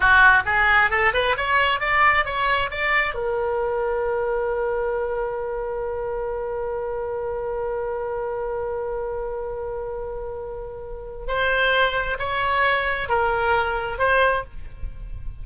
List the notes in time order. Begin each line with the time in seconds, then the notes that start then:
0.00 F#4
0.45 G#4
0.90 A4
1.13 B4
1.37 C#5
1.80 D5
2.25 C#5
2.70 D5
3.14 A#4
11.27 C5
12.18 C#5
13.08 A#4
13.98 C5